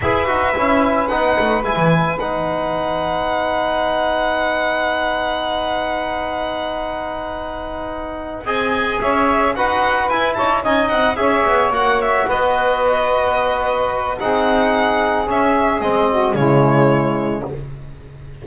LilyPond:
<<
  \new Staff \with { instrumentName = "violin" } { \time 4/4 \tempo 4 = 110 e''2 fis''4 gis''4 | fis''1~ | fis''1~ | fis''2.~ fis''8 gis''8~ |
gis''8 e''4 fis''4 gis''8 a''8 gis''8 | fis''8 e''4 fis''8 e''8 dis''4.~ | dis''2 fis''2 | e''4 dis''4 cis''2 | }
  \new Staff \with { instrumentName = "saxophone" } { \time 4/4 b'1~ | b'1~ | b'1~ | b'2.~ b'8 dis''8~ |
dis''8 cis''4 b'4. cis''8 dis''8~ | dis''8 cis''2 b'4.~ | b'2 gis'2~ | gis'4. fis'8 e'2 | }
  \new Staff \with { instrumentName = "trombone" } { \time 4/4 gis'8 fis'8 e'4 dis'4 e'4 | dis'1~ | dis'1~ | dis'2.~ dis'8 gis'8~ |
gis'4. fis'4 e'4 dis'8~ | dis'8 gis'4 fis'2~ fis'8~ | fis'2 dis'2 | cis'4 c'4 gis2 | }
  \new Staff \with { instrumentName = "double bass" } { \time 4/4 e'8 dis'8 cis'4 b8 a8 gis16 e8. | b1~ | b1~ | b2.~ b8 c'8~ |
c'8 cis'4 dis'4 e'8 dis'8 cis'8 | c'8 cis'8 b8 ais4 b4.~ | b2 c'2 | cis'4 gis4 cis2 | }
>>